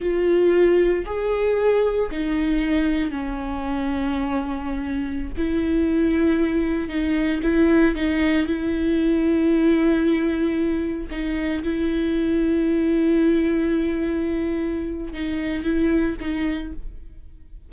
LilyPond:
\new Staff \with { instrumentName = "viola" } { \time 4/4 \tempo 4 = 115 f'2 gis'2 | dis'2 cis'2~ | cis'2~ cis'16 e'4.~ e'16~ | e'4~ e'16 dis'4 e'4 dis'8.~ |
dis'16 e'2.~ e'8.~ | e'4~ e'16 dis'4 e'4.~ e'16~ | e'1~ | e'4 dis'4 e'4 dis'4 | }